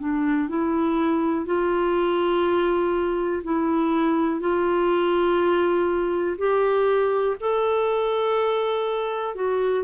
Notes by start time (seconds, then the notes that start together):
0.00 D4
0.49 E4
1.46 F4
3.44 E4
4.40 F4
6.38 G4
7.40 A4
9.35 F#4